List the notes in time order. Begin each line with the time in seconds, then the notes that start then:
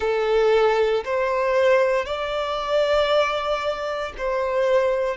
0.00 A4
1.04 C5
2.05 D5
4.17 C5